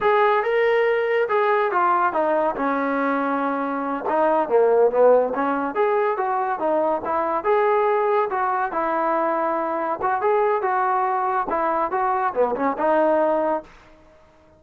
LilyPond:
\new Staff \with { instrumentName = "trombone" } { \time 4/4 \tempo 4 = 141 gis'4 ais'2 gis'4 | f'4 dis'4 cis'2~ | cis'4. dis'4 ais4 b8~ | b8 cis'4 gis'4 fis'4 dis'8~ |
dis'8 e'4 gis'2 fis'8~ | fis'8 e'2. fis'8 | gis'4 fis'2 e'4 | fis'4 b8 cis'8 dis'2 | }